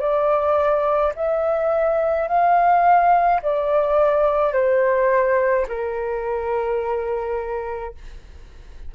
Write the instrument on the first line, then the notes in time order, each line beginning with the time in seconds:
flute
0.00 D5
1.16 E5
2.28 F5
3.43 D5
4.53 C5
5.69 A#4